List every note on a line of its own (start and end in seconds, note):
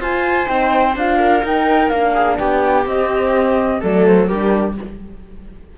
0.00 0.48 F4
0.00 0.46 F4
0.00 1.18 C5
0.00 0.48 G#5
0.46 0.95 C4
0.46 0.94 D#4
0.46 0.95 G5
0.95 1.43 D4
0.95 1.43 F4
0.95 1.45 F5
1.18 2.13 A#4
1.43 1.90 D#4
1.43 1.91 D#4
1.43 1.89 G5
1.89 2.38 A#3
1.89 2.86 D4
1.89 2.36 F5
2.14 2.37 G#4
2.38 2.86 B3
2.38 3.80 G4
2.38 2.86 G5
2.86 3.81 C4
2.86 3.82 D#5
3.80 4.30 F#3
3.80 4.29 A3
3.80 4.28 A4
3.80 4.06 D5
4.06 4.26 C5
4.26 4.78 G3
4.26 4.77 D4
4.26 4.76 G4
4.26 4.74 A#4